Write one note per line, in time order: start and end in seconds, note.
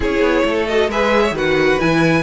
0.00 0.20 C#4
0.00 0.67 E4
0.00 0.45 G#4
0.00 0.67 C#5
0.20 0.42 B3
0.44 0.87 A3
0.44 0.91 A4
0.67 0.90 F#4
0.67 0.89 D#5
0.87 1.31 G#3
0.87 1.35 G#4
0.87 1.22 B4
0.87 1.36 E5
1.22 1.34 C#5
1.31 1.76 D#3
1.31 1.80 F#4
1.31 2.23 B4
1.38 1.80 F#5
1.80 2.23 E3
1.80 2.23 E4
1.80 2.23 G#5